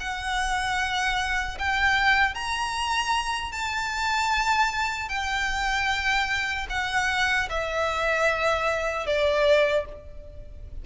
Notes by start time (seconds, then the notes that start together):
0.00 F#5
1.59 G5
2.35 A#5
3.52 A5
5.09 G5
6.70 F#5
7.50 E5
9.06 D5